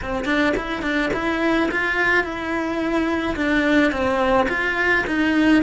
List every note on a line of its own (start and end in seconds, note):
0.02 0.25 C4
0.25 0.53 D4
0.56 0.82 E4
0.82 1.10 D4
1.13 1.69 E4
1.71 2.23 F4
2.23 3.35 E4
3.36 3.91 D4
3.91 4.47 C4
4.49 5.05 F4
5.06 5.62 D#4